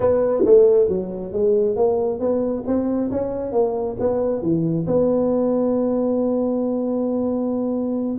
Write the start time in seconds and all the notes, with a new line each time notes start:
0.00 B3
0.45 A3
0.88 F#3
1.32 G#3
1.76 A#3
2.19 B3
2.67 C4
3.11 C#4
3.52 A#3
3.99 B3
4.42 E3
4.86 B3